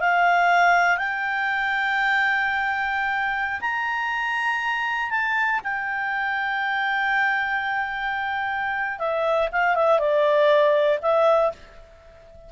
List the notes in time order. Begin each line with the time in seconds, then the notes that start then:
0.00 F5
0.98 G5
3.61 A#5
5.10 A5
5.64 G5
8.99 E5
9.52 F5
9.75 E5
9.99 D5
11.02 E5